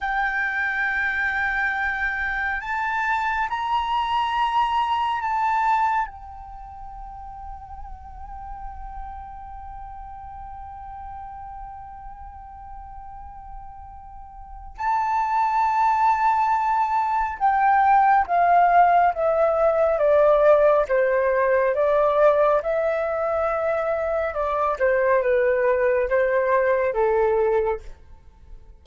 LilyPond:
\new Staff \with { instrumentName = "flute" } { \time 4/4 \tempo 4 = 69 g''2. a''4 | ais''2 a''4 g''4~ | g''1~ | g''1~ |
g''4 a''2. | g''4 f''4 e''4 d''4 | c''4 d''4 e''2 | d''8 c''8 b'4 c''4 a'4 | }